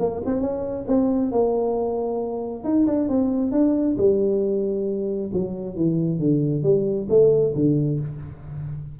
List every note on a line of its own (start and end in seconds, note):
0.00 0.22 A#3
0.26 0.41 C4
0.41 0.86 C#4
0.88 1.32 C4
1.32 2.64 A#3
2.64 2.87 D#4
2.87 3.09 D4
3.09 3.52 C4
3.52 3.97 D4
3.98 5.31 G3
5.33 5.76 F#3
5.76 6.20 E3
6.20 6.64 D3
6.64 7.08 G3
7.10 7.54 A3
7.56 8.00 D3